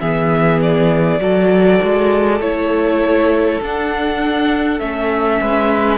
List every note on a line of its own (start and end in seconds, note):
0.00 1.19 E3
0.00 1.19 B3
0.00 1.20 G#4
0.00 0.60 E5
0.61 2.41 D5
1.19 1.79 F#3
1.19 2.39 F#4
1.19 5.41 A4
1.82 2.40 G#3
2.40 3.60 A3
2.40 3.61 E4
2.40 3.61 C#5
3.60 4.80 D4
3.60 4.79 F#5
4.79 5.40 A3
4.79 5.97 C#4
4.79 5.97 E5
5.41 5.97 G#3
5.41 5.97 B4